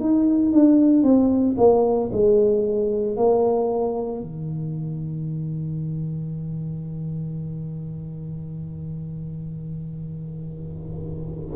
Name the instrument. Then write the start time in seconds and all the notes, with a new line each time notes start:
tuba
0.00 D#4
0.53 D4
1.03 C4
1.58 A#3
2.13 G#3
3.17 A#3
4.22 D#3